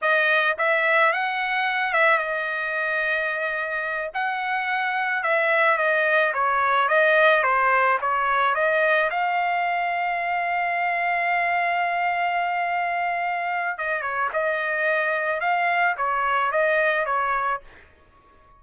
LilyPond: \new Staff \with { instrumentName = "trumpet" } { \time 4/4 \tempo 4 = 109 dis''4 e''4 fis''4. e''8 | dis''2.~ dis''8 fis''8~ | fis''4. e''4 dis''4 cis''8~ | cis''8 dis''4 c''4 cis''4 dis''8~ |
dis''8 f''2.~ f''8~ | f''1~ | f''4 dis''8 cis''8 dis''2 | f''4 cis''4 dis''4 cis''4 | }